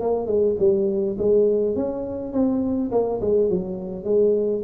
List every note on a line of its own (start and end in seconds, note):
0.00 0.26 A#3
0.26 0.56 G#3
0.59 1.17 G3
1.18 1.76 G#3
1.76 2.32 C#4
2.32 2.90 C4
2.91 3.20 A#3
3.21 3.49 G#3
3.49 4.04 F#3
4.04 4.62 G#3